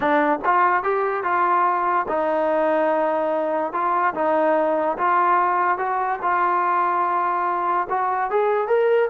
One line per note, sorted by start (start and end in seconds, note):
0.00 0.39 D4
0.44 0.83 F4
0.83 1.23 G4
1.23 2.06 F4
2.08 3.72 D#4
3.72 4.14 F4
4.14 4.97 D#4
4.97 5.78 F4
5.78 6.19 F#4
6.22 7.87 F4
7.89 8.30 F#4
8.30 8.67 G#4
8.67 9.09 A#4